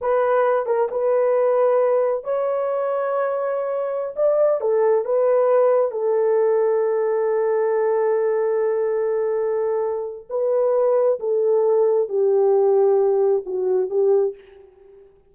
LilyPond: \new Staff \with { instrumentName = "horn" } { \time 4/4 \tempo 4 = 134 b'4. ais'8 b'2~ | b'4 cis''2.~ | cis''4~ cis''16 d''4 a'4 b'8.~ | b'4~ b'16 a'2~ a'8.~ |
a'1~ | a'2. b'4~ | b'4 a'2 g'4~ | g'2 fis'4 g'4 | }